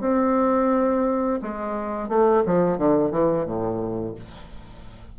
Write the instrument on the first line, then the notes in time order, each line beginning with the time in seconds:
bassoon
0.00 C4
1.41 G#3
2.08 A3
2.45 F3
2.77 D3
3.10 E3
3.45 A2